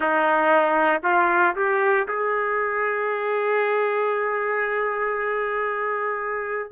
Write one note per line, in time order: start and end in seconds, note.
0.00 1.01 D#4
1.03 1.55 F4
1.55 2.07 G4
2.08 6.71 G#4